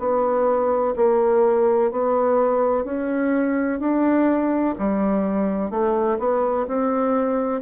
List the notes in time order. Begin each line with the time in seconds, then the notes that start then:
0.00 B3
0.97 A#3
1.92 B3
2.85 C#4
3.80 D4
4.79 G3
5.71 A3
6.19 B3
6.68 C4